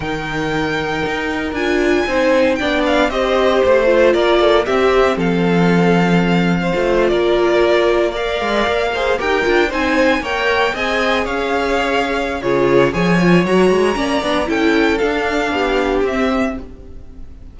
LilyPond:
<<
  \new Staff \with { instrumentName = "violin" } { \time 4/4 \tempo 4 = 116 g''2. gis''4~ | gis''4 g''8 f''8 dis''4 c''4 | d''4 e''4 f''2~ | f''4.~ f''16 d''2 f''16~ |
f''4.~ f''16 g''4 gis''4 g''16~ | g''8. gis''4 f''2~ f''16 | cis''4 gis''4 ais''2 | g''4 f''2 e''4 | }
  \new Staff \with { instrumentName = "violin" } { \time 4/4 ais'1 | c''4 d''4 c''2 | ais'8 a'8 g'4 a'2~ | a'8. c''4 ais'2 d''16~ |
d''4~ d''16 c''8 ais'4 c''4 cis''16~ | cis''8. dis''4 cis''2~ cis''16 | gis'4 cis''2 d''4 | a'2 g'2 | }
  \new Staff \with { instrumentName = "viola" } { \time 4/4 dis'2. f'4 | dis'4 d'4 g'4. f'8~ | f'4 c'2.~ | c'4 f'2~ f'8. ais'16~ |
ais'4~ ais'16 gis'8 g'8 f'8 dis'4 ais'16~ | ais'8. gis'2.~ gis'16 | f'4 gis'8 f'8 fis'4 cis'8 d'8 | e'4 d'2 c'4 | }
  \new Staff \with { instrumentName = "cello" } { \time 4/4 dis2 dis'4 d'4 | c'4 b4 c'4 a4 | ais4 c'4 f2~ | f4 a8. ais2~ ais16~ |
ais16 gis8 ais4 dis'8 d'8 c'4 ais16~ | ais8. c'4 cis'2~ cis'16 | cis4 f4 fis8 gis8 ais8 b8 | cis'4 d'4 b4 c'4 | }
>>